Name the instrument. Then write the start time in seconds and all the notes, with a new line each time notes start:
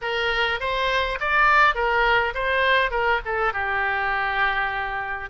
oboe
0.01 A#4
0.60 C5
1.20 D5
1.75 A#4
2.34 C5
2.91 A#4
3.25 A4
3.53 G4